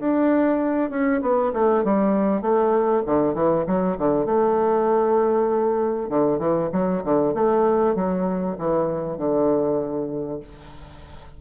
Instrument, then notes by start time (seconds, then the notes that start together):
bassoon
0.00 D4
0.90 C#4
1.22 B3
1.54 A3
1.85 G3
2.42 A3
3.07 D3
3.35 E3
3.67 F#3
3.99 D3
4.26 A3
6.10 D3
6.39 E3
6.73 F#3
7.04 D3
7.34 A3
7.96 F#3
8.58 E3
9.18 D3